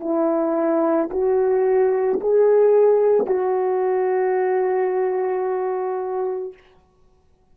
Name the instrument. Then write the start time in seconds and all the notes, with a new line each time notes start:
horn
0.00 E4
1.10 F#4
2.20 G#4
3.26 F#4